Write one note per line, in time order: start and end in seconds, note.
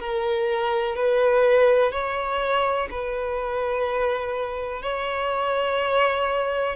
0.00 0.96 A#4
0.96 1.92 B4
1.92 2.89 C#5
2.90 4.83 B4
4.83 6.76 C#5